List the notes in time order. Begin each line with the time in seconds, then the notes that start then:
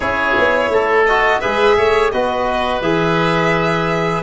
0.00 C#4 E4 G#4 C#5
0.37 B3
0.69 A3 A4
1.06 F#4 D#5
1.40 G#3 G#4 B4 E5
1.77 A3 C#5
2.11 B3 F#4 B4 D#5
2.81 E3 G#4 E5